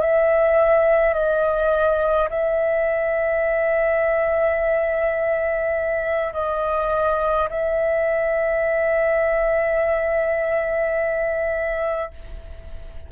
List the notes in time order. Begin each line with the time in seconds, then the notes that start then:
0.00 E5
1.13 D#5
2.30 E5
6.33 D#5
7.49 E5